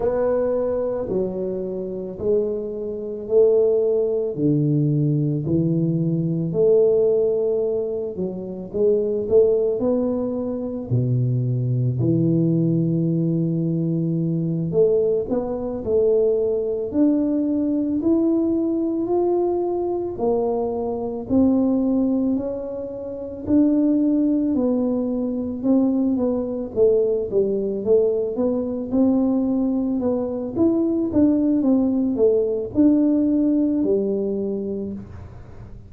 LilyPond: \new Staff \with { instrumentName = "tuba" } { \time 4/4 \tempo 4 = 55 b4 fis4 gis4 a4 | d4 e4 a4. fis8 | gis8 a8 b4 b,4 e4~ | e4. a8 b8 a4 d'8~ |
d'8 e'4 f'4 ais4 c'8~ | c'8 cis'4 d'4 b4 c'8 | b8 a8 g8 a8 b8 c'4 b8 | e'8 d'8 c'8 a8 d'4 g4 | }